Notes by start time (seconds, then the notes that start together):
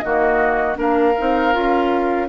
0.00 D#3 A#3 F#4 D#5
0.75 A#3 D4 A#4 F5
1.18 C4 D#4
1.52 C#4 F4